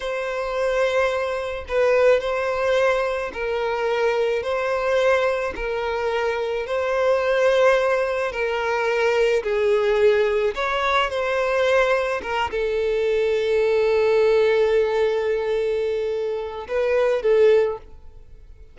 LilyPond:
\new Staff \with { instrumentName = "violin" } { \time 4/4 \tempo 4 = 108 c''2. b'4 | c''2 ais'2 | c''2 ais'2 | c''2. ais'4~ |
ais'4 gis'2 cis''4 | c''2 ais'8 a'4.~ | a'1~ | a'2 b'4 a'4 | }